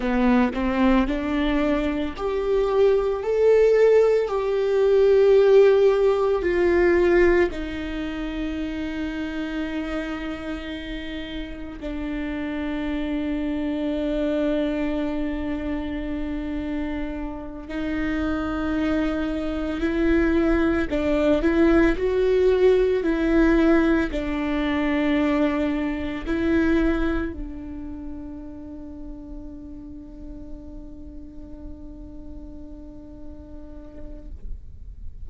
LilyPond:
\new Staff \with { instrumentName = "viola" } { \time 4/4 \tempo 4 = 56 b8 c'8 d'4 g'4 a'4 | g'2 f'4 dis'4~ | dis'2. d'4~ | d'1~ |
d'8 dis'2 e'4 d'8 | e'8 fis'4 e'4 d'4.~ | d'8 e'4 d'2~ d'8~ | d'1 | }